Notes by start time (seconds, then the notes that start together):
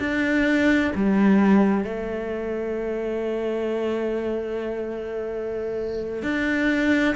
0.00 D4
0.96 G3
1.85 A3
6.23 D4